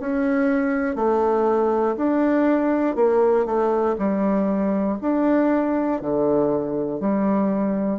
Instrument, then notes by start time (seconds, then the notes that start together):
bassoon
0.00 C#4
0.96 A3
1.97 D4
2.96 A#3
3.46 A3
3.99 G3
5.01 D4
6.01 D3
7.00 G3